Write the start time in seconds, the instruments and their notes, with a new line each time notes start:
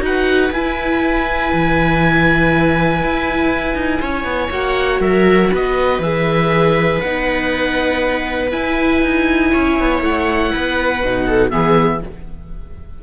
0.00 cello D#4, viola F#4 B4, oboe F#5
0.51 cello E4, viola E4, oboe G#5
1.52 cello E3
3.03 cello E4
3.74 cello D#4
4.01 cello C#4, viola C#5
4.24 cello B3
4.50 cello A#3, viola F#4, oboe F#5
5.00 cello F#3, viola A#4, oboe E5
5.50 cello B3, viola B4, oboe D#5
5.99 cello E3, viola G#4, oboe E5
7.00 cello B3, viola D#4, oboe F#5
8.50 viola E4, cello E4, oboe G#5
9.02 cello D#4
9.52 cello C#4, viola C#5
9.79 cello B3
10.01 cello A3, oboe F#5
10.51 cello B3, viola B4
11.01 cello B2, viola D#4
11.26 viola A4
11.50 cello E3, viola B3 G#4, oboe E5